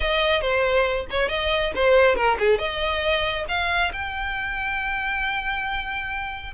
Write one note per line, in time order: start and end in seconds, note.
0.00 0.41 D#5
0.41 1.06 C5
1.10 1.28 C#5
1.28 1.72 D#5
1.75 2.15 C5
2.15 2.37 A#4
2.39 2.58 G#4
2.58 3.45 D#5
3.48 3.91 F5
3.92 6.53 G5